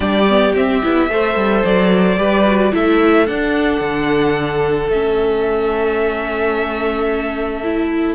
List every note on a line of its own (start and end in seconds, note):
0.00 0.53 G3
0.00 0.25 D4
0.00 1.09 G4
0.00 0.53 D5
0.28 0.55 B3
0.54 0.82 C4
0.54 1.65 E5
0.82 1.09 B3
0.82 1.09 E4
1.09 1.35 A3
1.09 2.17 A4
1.09 2.18 C5
1.35 1.63 G3
1.64 2.17 F#3
1.64 2.74 D5
2.17 2.72 G3
2.17 2.44 G4
2.17 2.73 B4
2.46 2.72 F#4
2.72 3.28 A3
2.72 3.26 E4
2.72 8.15 A4
2.72 3.27 E5
3.26 4.90 D4
3.26 3.80 D4
3.26 4.90 F#5
3.80 4.88 D3
4.88 8.15 A3
4.88 7.63 C#4
4.88 8.15 E5
7.63 8.15 E4